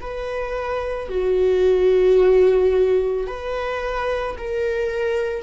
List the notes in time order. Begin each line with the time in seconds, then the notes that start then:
0.00 B4
1.09 F#4
3.27 B4
4.37 A#4